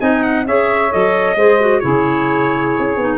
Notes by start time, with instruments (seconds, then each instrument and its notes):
0.00 tuba C4, clarinet D#4, saxophone D#5, trumpet G#5
0.24 trumpet F#5
0.46 tuba C#4, clarinet G#4, saxophone C#5, trumpet E5
0.91 tuba F#3, clarinet A4, trumpet D#5
1.36 tuba G#3, clarinet G#4, saxophone C5
1.61 clarinet F#4
1.80 tuba C#3, clarinet E4, saxophone G#4, trumpet C#5
2.80 tuba C#4
2.97 tuba B3, clarinet D#4